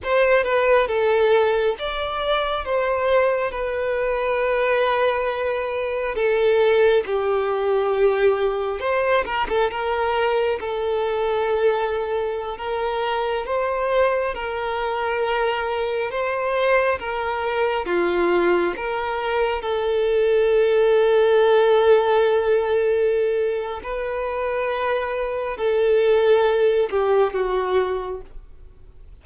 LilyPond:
\new Staff \with { instrumentName = "violin" } { \time 4/4 \tempo 4 = 68 c''8 b'8 a'4 d''4 c''4 | b'2. a'4 | g'2 c''8 ais'16 a'16 ais'4 | a'2~ a'16 ais'4 c''8.~ |
c''16 ais'2 c''4 ais'8.~ | ais'16 f'4 ais'4 a'4.~ a'16~ | a'2. b'4~ | b'4 a'4. g'8 fis'4 | }